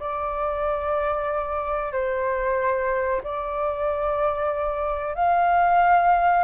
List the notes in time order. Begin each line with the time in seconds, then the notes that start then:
0.00 D5
1.93 C5
3.24 D5
5.15 F5